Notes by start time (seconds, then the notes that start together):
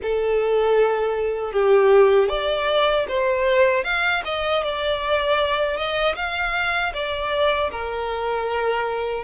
0.02 A4
1.52 G4
2.29 D5
3.08 C5
3.84 F5
4.24 D#5
4.63 D5
5.77 D#5
6.15 F5
6.93 D5
7.71 A#4